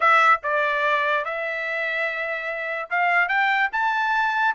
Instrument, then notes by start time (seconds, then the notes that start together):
trumpet
0.00 E5
0.43 D5
1.25 E5
2.90 F5
3.28 G5
3.72 A5